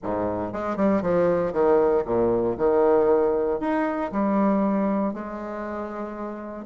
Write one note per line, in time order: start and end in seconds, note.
0.03 0.52 G#2
0.52 0.76 G#3
0.76 1.01 G3
1.02 1.52 F3
1.52 2.04 D#3
2.05 2.56 A#2
2.57 3.59 D#3
3.59 4.11 D#4
4.11 5.13 G3
5.13 6.65 G#3